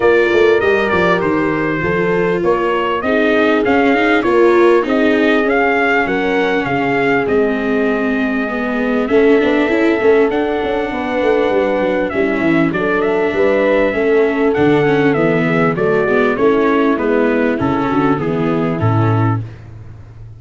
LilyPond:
<<
  \new Staff \with { instrumentName = "trumpet" } { \time 4/4 \tempo 4 = 99 d''4 dis''8 d''8 c''2 | cis''4 dis''4 f''4 cis''4 | dis''4 f''4 fis''4 f''4 | dis''2. e''4~ |
e''4 fis''2. | e''4 d''8 e''2~ e''8 | fis''4 e''4 d''4 cis''4 | b'4 a'4 gis'4 a'4 | }
  \new Staff \with { instrumentName = "horn" } { \time 4/4 ais'2. a'4 | ais'4 gis'2 ais'4 | gis'2 ais'4 gis'4~ | gis'2. a'4~ |
a'2 b'2 | e'4 a'4 b'4 a'4~ | a'4. gis'8 fis'4 e'4~ | e'4. fis'8 e'2 | }
  \new Staff \with { instrumentName = "viola" } { \time 4/4 f'4 g'2 f'4~ | f'4 dis'4 cis'8 dis'8 f'4 | dis'4 cis'2. | c'2 b4 cis'8 d'8 |
e'8 cis'8 d'2. | cis'4 d'2 cis'4 | d'8 cis'8 b4 a8 b8 cis'4 | b4 cis'4 b4 cis'4 | }
  \new Staff \with { instrumentName = "tuba" } { \time 4/4 ais8 a8 g8 f8 dis4 f4 | ais4 c'4 cis'4 ais4 | c'4 cis'4 fis4 cis4 | gis2. a8 b8 |
cis'8 a8 d'8 cis'8 b8 a8 g8 fis8 | g8 e8 fis4 g4 a4 | d4 e4 fis8 gis8 a4 | gis4 cis8 d8 e4 a,4 | }
>>